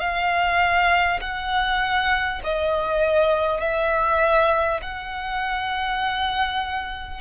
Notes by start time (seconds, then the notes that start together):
0.00 F5
1.22 F#5
2.44 D#5
3.61 E5
4.82 F#5